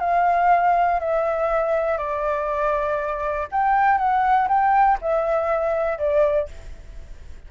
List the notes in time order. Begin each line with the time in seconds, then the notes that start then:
0.00 F5
1.00 E5
1.98 D5
3.52 G5
3.98 F#5
4.48 G5
5.02 E5
5.98 D5